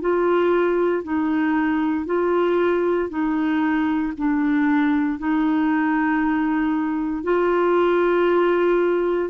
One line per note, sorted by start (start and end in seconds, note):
0.00 1.03 F4
1.03 2.05 D#4
2.05 3.09 F4
3.09 4.13 D#4
4.17 5.19 D4
5.19 7.23 D#4
7.23 9.29 F4